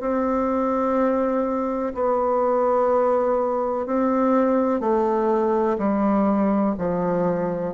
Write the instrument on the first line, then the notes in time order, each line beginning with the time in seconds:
bassoon
0.00 C4
1.94 B3
3.86 C4
4.80 A3
5.78 G3
6.78 F3